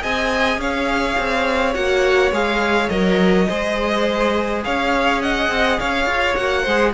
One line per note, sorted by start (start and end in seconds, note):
0.00 0.58 C4
0.00 1.73 G#4
0.00 0.60 D#5
0.00 0.61 G#5
0.58 1.15 C#4
0.58 3.48 C#5
0.58 1.75 F5
1.18 1.76 C4
1.74 2.32 A#3
1.74 2.32 F#4
1.74 2.32 F#5
2.32 2.89 G#3
2.32 2.90 G#4
2.32 2.89 F5
2.89 3.48 F#3
2.89 3.48 A#4
2.89 4.62 D#5
3.48 4.66 G#3
3.48 6.36 G#4
3.48 4.64 C5
4.65 5.50 C#4
4.65 5.23 C#5
4.65 5.22 F5
5.22 5.80 D#5
5.22 5.80 F#5
5.50 5.78 C4
5.80 6.06 C#4
5.80 6.63 C#5
5.80 6.35 F5
6.06 6.35 F4
6.35 6.67 A#3
6.35 6.65 F#4
6.35 6.93 F#5
6.63 6.94 G#3
6.63 6.94 G#4
6.63 6.92 C5